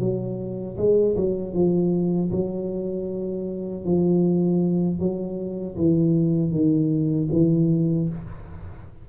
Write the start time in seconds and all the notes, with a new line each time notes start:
0.00 F#3
0.77 G#3
1.17 F#3
1.54 F3
2.31 F#3
3.85 F3
5.00 F#3
5.77 E3
6.51 D#3
7.32 E3